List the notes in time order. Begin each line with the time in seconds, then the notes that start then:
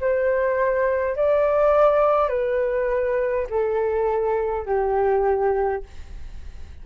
0.00 C5
1.16 D5
2.29 B4
3.50 A4
4.65 G4